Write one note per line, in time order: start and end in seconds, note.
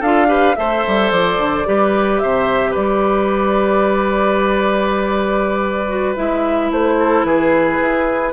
0.00 0.56 D4
0.00 0.27 F4
0.00 0.27 A4
0.00 0.56 F5
0.27 0.55 G4
0.27 0.56 B4
0.56 0.85 A3
0.56 1.65 A4
0.56 1.68 C5
0.56 1.11 E5
0.87 1.12 G3
1.11 1.38 F3
1.11 2.19 D5
1.38 1.65 D3
1.65 2.22 G3
1.65 5.87 G4
1.65 2.22 B4
2.19 2.76 C3
2.19 2.71 C5
2.19 2.73 E5
2.71 6.17 G3
2.71 6.93 B4
2.71 6.15 D5
5.88 6.15 F#4
6.16 6.71 G#3
6.16 8.32 E4
6.16 6.71 E5
6.71 7.24 A3
6.71 7.24 C5
6.99 7.26 A4
7.24 7.79 E3
7.24 8.32 G#4
7.24 8.32 B4
7.81 8.32 E4